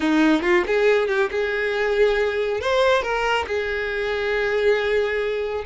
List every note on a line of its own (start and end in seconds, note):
0.00 0.42 D#4
0.42 0.63 F4
0.66 1.08 G#4
1.08 1.29 G4
1.31 2.60 G#4
2.60 3.02 C5
3.02 3.45 A#4
3.47 5.64 G#4